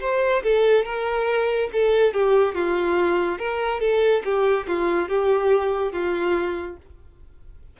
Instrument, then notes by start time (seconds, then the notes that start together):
violin
0.00 C5
0.43 A4
0.85 A#4
1.73 A4
2.13 G4
2.55 F4
3.39 A#4
3.80 A4
4.24 G4
4.67 F4
5.09 G4
5.92 F4